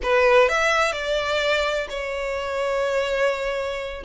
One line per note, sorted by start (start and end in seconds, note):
0.02 0.48 B4
0.48 0.92 E5
0.92 1.87 D5
1.89 4.03 C#5